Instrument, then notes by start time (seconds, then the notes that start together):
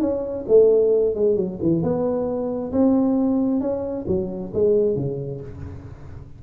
tuba
0.00 C#4
0.48 A3
1.15 G#3
1.36 F#3
1.62 E3
1.82 B3
2.72 C4
3.61 C#4
4.07 F#3
4.54 G#3
4.96 C#3